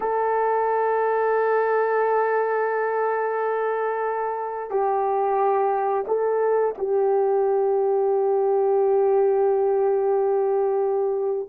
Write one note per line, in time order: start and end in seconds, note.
0.00 4.70 A4
4.70 6.05 G4
6.07 6.74 A4
6.78 11.48 G4